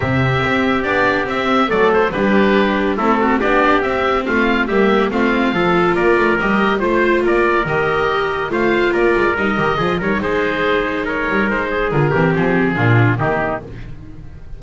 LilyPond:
<<
  \new Staff \with { instrumentName = "oboe" } { \time 4/4 \tempo 4 = 141 e''2 d''4 e''4 | d''8 c''8 b'2 a'4 | d''4 e''4 f''4 e''4 | f''2 d''4 dis''4 |
c''4 d''4 dis''2 | f''4 d''4 dis''4. cis''8 | c''2 cis''4 c''4 | ais'4 gis'2 g'4 | }
  \new Staff \with { instrumentName = "trumpet" } { \time 4/4 g'1 | a'4 g'2 e'8 fis'8 | g'2 f'4 g'4 | f'4 a'4 ais'2 |
c''4 ais'2. | c''4 ais'2 gis'8 ais'8 | gis'2 ais'4. gis'8~ | gis'8 g'4. f'4 dis'4 | }
  \new Staff \with { instrumentName = "viola" } { \time 4/4 c'2 d'4 c'4 | a4 d'2 c'4 | d'4 c'2 ais4 | c'4 f'2 g'4 |
f'2 g'2 | f'2 dis'8 g'8 f'8 dis'8~ | dis'1 | f'8 c'4. d'4 ais4 | }
  \new Staff \with { instrumentName = "double bass" } { \time 4/4 c4 c'4 b4 c'4 | fis4 g2 a4 | b4 c'4 a4 g4 | a4 f4 ais8 a8 g4 |
a4 ais4 dis2 | a4 ais8 gis8 g8 dis8 f8 g8 | gis2~ gis8 g8 gis4 | d8 e8 f4 ais,4 dis4 | }
>>